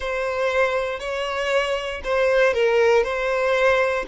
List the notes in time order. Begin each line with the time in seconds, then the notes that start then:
0.00 C5
0.99 C#5
2.03 C5
2.53 A#4
3.03 C5